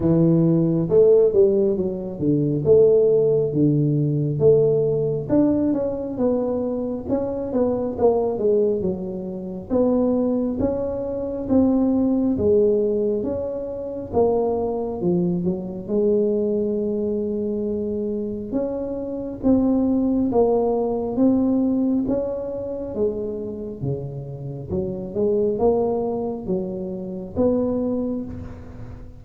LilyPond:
\new Staff \with { instrumentName = "tuba" } { \time 4/4 \tempo 4 = 68 e4 a8 g8 fis8 d8 a4 | d4 a4 d'8 cis'8 b4 | cis'8 b8 ais8 gis8 fis4 b4 | cis'4 c'4 gis4 cis'4 |
ais4 f8 fis8 gis2~ | gis4 cis'4 c'4 ais4 | c'4 cis'4 gis4 cis4 | fis8 gis8 ais4 fis4 b4 | }